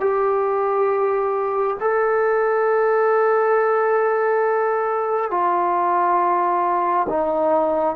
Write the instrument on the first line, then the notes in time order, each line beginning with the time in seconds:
trombone
0.00 G4
1.80 A4
5.30 F4
7.08 D#4